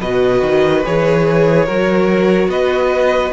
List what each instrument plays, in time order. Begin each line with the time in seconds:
0.00 cello B2, viola F#4, violin B4 D#5
0.41 cello D#3
0.84 cello E3, viola G#4, violin C#5
1.65 cello F#3, viola F#4, violin A#4
2.48 cello B3, violin B4 D#5